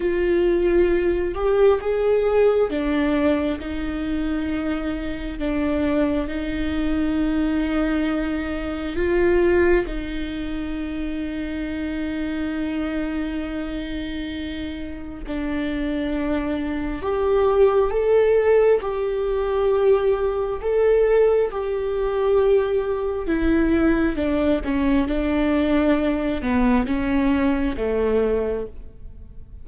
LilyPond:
\new Staff \with { instrumentName = "viola" } { \time 4/4 \tempo 4 = 67 f'4. g'8 gis'4 d'4 | dis'2 d'4 dis'4~ | dis'2 f'4 dis'4~ | dis'1~ |
dis'4 d'2 g'4 | a'4 g'2 a'4 | g'2 e'4 d'8 cis'8 | d'4. b8 cis'4 a4 | }